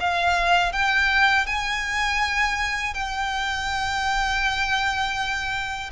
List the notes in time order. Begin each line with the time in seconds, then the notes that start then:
0.00 F5
0.73 G5
1.47 G#5
2.94 G5